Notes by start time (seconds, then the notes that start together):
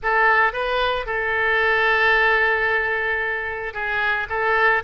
0.02 A4
0.52 B4
1.06 A4
3.73 G#4
4.29 A4